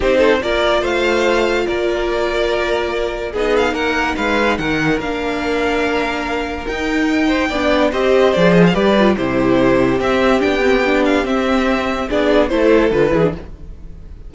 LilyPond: <<
  \new Staff \with { instrumentName = "violin" } { \time 4/4 \tempo 4 = 144 c''4 d''4 f''2 | d''1 | dis''8 f''8 fis''4 f''4 fis''4 | f''1 |
g''2. dis''4 | d''8 dis''16 f''16 d''4 c''2 | e''4 g''4. f''8 e''4~ | e''4 d''4 c''4 b'4 | }
  \new Staff \with { instrumentName = "violin" } { \time 4/4 g'8 a'8 ais'4 c''2 | ais'1 | gis'4 ais'4 b'4 ais'4~ | ais'1~ |
ais'4. c''8 d''4 c''4~ | c''4 b'4 g'2~ | g'1~ | g'4 gis'4 a'4. gis'8 | }
  \new Staff \with { instrumentName = "viola" } { \time 4/4 dis'4 f'2.~ | f'1 | dis'1 | d'1 |
dis'2 d'4 g'4 | gis'4 g'8 f'8 e'2 | c'4 d'8 c'8 d'4 c'4~ | c'4 d'4 e'4 f'8 e'16 d'16 | }
  \new Staff \with { instrumentName = "cello" } { \time 4/4 c'4 ais4 a2 | ais1 | b4 ais4 gis4 dis4 | ais1 |
dis'2 b4 c'4 | f4 g4 c2 | c'4 b2 c'4~ | c'4 b4 a4 d8 e8 | }
>>